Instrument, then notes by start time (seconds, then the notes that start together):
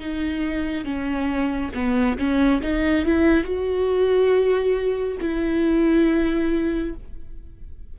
viola
0.00 D#4
0.85 C#4
1.74 B3
2.18 C#4
2.62 D#4
3.05 E4
3.44 F#4
5.21 E4